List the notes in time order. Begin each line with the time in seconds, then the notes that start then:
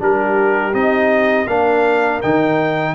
0.00 G3 D4 G4 A#4
0.74 C4 D#4 D#5
1.48 A#3 D4 A#4 F5
2.22 D#3 D#4 G5